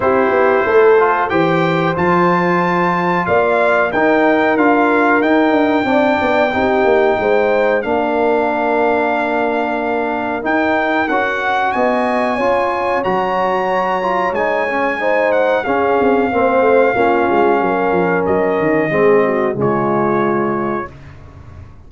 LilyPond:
<<
  \new Staff \with { instrumentName = "trumpet" } { \time 4/4 \tempo 4 = 92 c''2 g''4 a''4~ | a''4 f''4 g''4 f''4 | g''1 | f''1 |
g''4 fis''4 gis''2 | ais''2 gis''4. fis''8 | f''1 | dis''2 cis''2 | }
  \new Staff \with { instrumentName = "horn" } { \time 4/4 g'4 a'4 c''2~ | c''4 d''4 ais'2~ | ais'4 d''4 g'4 c''4 | ais'1~ |
ais'2 dis''4 cis''4~ | cis''2. c''4 | gis'4 c''4 f'4 ais'4~ | ais'4 gis'8 fis'8 f'2 | }
  \new Staff \with { instrumentName = "trombone" } { \time 4/4 e'4. f'8 g'4 f'4~ | f'2 dis'4 f'4 | dis'4 d'4 dis'2 | d'1 |
dis'4 fis'2 f'4 | fis'4. f'8 dis'8 cis'8 dis'4 | cis'4 c'4 cis'2~ | cis'4 c'4 gis2 | }
  \new Staff \with { instrumentName = "tuba" } { \time 4/4 c'8 b8 a4 e4 f4~ | f4 ais4 dis'4 d'4 | dis'8 d'8 c'8 b8 c'8 ais8 gis4 | ais1 |
dis'4 cis'4 b4 cis'4 | fis2 gis2 | cis'8 c'8 ais8 a8 ais8 gis8 fis8 f8 | fis8 dis8 gis4 cis2 | }
>>